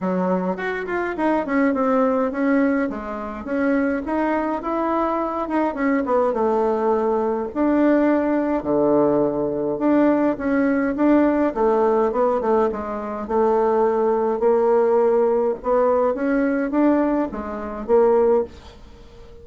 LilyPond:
\new Staff \with { instrumentName = "bassoon" } { \time 4/4 \tempo 4 = 104 fis4 fis'8 f'8 dis'8 cis'8 c'4 | cis'4 gis4 cis'4 dis'4 | e'4. dis'8 cis'8 b8 a4~ | a4 d'2 d4~ |
d4 d'4 cis'4 d'4 | a4 b8 a8 gis4 a4~ | a4 ais2 b4 | cis'4 d'4 gis4 ais4 | }